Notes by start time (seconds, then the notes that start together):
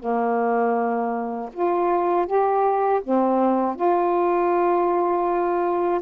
0.00 A#3
1.53 F4
2.27 G4
3.04 C4
3.76 F4